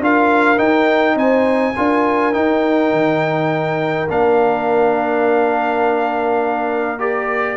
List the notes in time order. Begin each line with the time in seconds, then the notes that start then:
0.00 D4 F4 A#4 F5
0.57 D#4 G5
1.16 C4 C5 G#5
1.76 D4 F4 A#4
2.33 D#4 G5
2.92 D#3
4.09 A#3 D4 F5
6.99 G4 D5